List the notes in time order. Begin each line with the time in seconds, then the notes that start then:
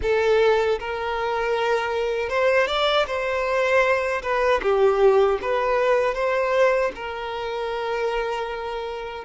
0.02 A4
0.79 A#4
2.29 C5
2.67 D5
3.06 C5
4.22 B4
4.62 G4
5.41 B4
6.14 C5
6.95 A#4